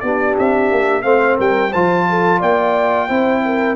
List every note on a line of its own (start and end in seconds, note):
0.00 0.37 B3
0.00 1.02 D4
0.00 1.04 G4
0.00 0.34 D5
0.38 0.71 C4
0.38 1.02 E5
0.71 1.04 A#3
1.02 1.38 A3
1.02 1.70 C4
1.02 1.37 C5
1.02 1.36 F5
1.37 1.73 G3
1.37 1.70 A#4
1.37 1.73 G5
1.70 2.42 F3
1.70 3.09 F4
1.70 2.04 C5
1.70 2.41 A5
2.09 2.39 A4
2.39 3.10 A#3
2.39 3.07 D5
2.39 3.76 G5
3.08 3.76 C4
3.08 3.76 E4
3.08 3.42 C5
3.45 3.76 A#4